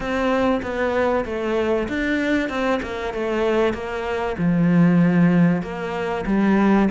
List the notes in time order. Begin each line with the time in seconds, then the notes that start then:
0.00 C4
0.62 B3
1.25 A3
1.88 D4
2.49 C4
2.82 A#3
3.13 A3
3.73 A#3
4.38 F3
5.62 A#3
6.26 G3